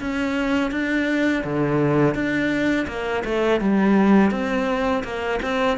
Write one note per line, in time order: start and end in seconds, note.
0.00 0.71 C#4
0.71 1.43 D4
1.44 2.14 D3
2.14 2.87 D4
2.87 3.23 A#3
3.24 3.60 A3
3.60 4.31 G3
4.31 5.03 C4
5.03 5.40 A#3
5.42 5.78 C4